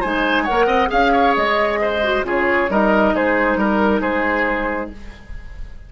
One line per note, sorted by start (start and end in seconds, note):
0.00 0.49 G#3
0.00 0.47 D#4
0.00 0.43 C5
0.00 0.45 G#5
0.43 0.87 A#4
0.43 0.66 C#5
0.43 0.89 F#5
0.51 0.67 A#3
0.66 0.89 C4
0.66 0.89 D#5
0.87 1.36 C#4
0.87 1.99 G#4
0.87 1.12 F5
0.87 1.35 F5
1.12 1.79 C#5
1.36 2.23 G#3
1.36 2.25 D#5
1.81 2.26 C5
2.03 2.24 F#4
2.23 2.67 C#3
2.23 2.68 F4
2.23 2.70 G#4
2.23 2.72 C#5
2.69 3.14 G3
2.69 4.92 D#4
2.69 3.15 A#4
2.69 3.16 D#5
3.15 3.56 G#3
3.15 3.58 G#4
3.15 3.60 C5
3.56 4.01 G3
3.56 4.01 A#4
4.01 4.90 G#3
4.01 4.90 G#4
4.01 4.90 C5